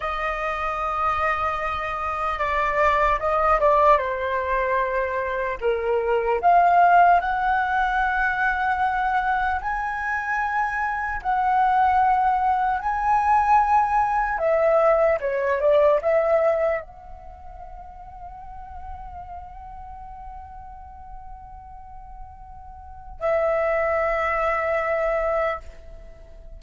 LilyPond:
\new Staff \with { instrumentName = "flute" } { \time 4/4 \tempo 4 = 75 dis''2. d''4 | dis''8 d''8 c''2 ais'4 | f''4 fis''2. | gis''2 fis''2 |
gis''2 e''4 cis''8 d''8 | e''4 fis''2.~ | fis''1~ | fis''4 e''2. | }